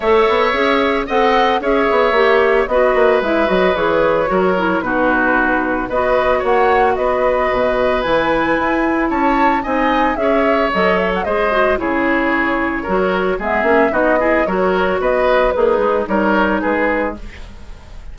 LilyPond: <<
  \new Staff \with { instrumentName = "flute" } { \time 4/4 \tempo 4 = 112 e''2 fis''4 e''4~ | e''4 dis''4 e''8 dis''8 cis''4~ | cis''4 b'2 dis''4 | fis''4 dis''2 gis''4~ |
gis''4 a''4 gis''4 e''4 | dis''8 e''16 fis''16 dis''4 cis''2~ | cis''4 e''4 dis''4 cis''4 | dis''4 b'4 cis''4 b'4 | }
  \new Staff \with { instrumentName = "oboe" } { \time 4/4 cis''2 dis''4 cis''4~ | cis''4 b'2. | ais'4 fis'2 b'4 | cis''4 b'2.~ |
b'4 cis''4 dis''4 cis''4~ | cis''4 c''4 gis'2 | ais'4 gis'4 fis'8 gis'8 ais'4 | b'4 dis'4 ais'4 gis'4 | }
  \new Staff \with { instrumentName = "clarinet" } { \time 4/4 a'4 gis'4 a'4 gis'4 | g'4 fis'4 e'8 fis'8 gis'4 | fis'8 e'8 dis'2 fis'4~ | fis'2. e'4~ |
e'2 dis'4 gis'4 | a'4 gis'8 fis'8 e'2 | fis'4 b8 cis'8 dis'8 e'8 fis'4~ | fis'4 gis'4 dis'2 | }
  \new Staff \with { instrumentName = "bassoon" } { \time 4/4 a8 b8 cis'4 c'4 cis'8 b8 | ais4 b8 ais8 gis8 fis8 e4 | fis4 b,2 b4 | ais4 b4 b,4 e4 |
e'4 cis'4 c'4 cis'4 | fis4 gis4 cis2 | fis4 gis8 ais8 b4 fis4 | b4 ais8 gis8 g4 gis4 | }
>>